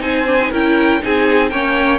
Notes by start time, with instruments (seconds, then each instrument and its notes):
0.00 cello C4, viola D#4, violin C5 G#5
0.27 viola D4
0.40 viola D#4
0.51 cello C#4, viola E4, violin A#4 G5
1.01 cello C4, viola D#4, violin G#4 G#5
1.50 cello A#3, viola C#4, violin C#5 G5